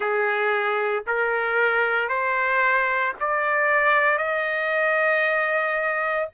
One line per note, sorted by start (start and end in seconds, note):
0.00 1.03 G#4
1.07 2.08 A#4
2.08 3.13 C5
3.20 4.18 D5
4.18 6.28 D#5